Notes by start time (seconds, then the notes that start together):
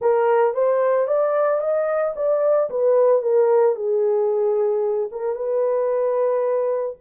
0.01 A#4
0.54 C5
1.07 D5
1.60 D#5
2.16 D5
2.69 B4
3.21 A#4
3.75 G#4
5.11 A#4
5.35 B4